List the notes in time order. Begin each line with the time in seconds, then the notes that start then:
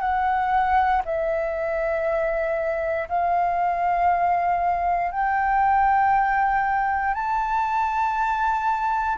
0.00 F#5
1.05 E5
3.09 F5
5.12 G5
7.15 A5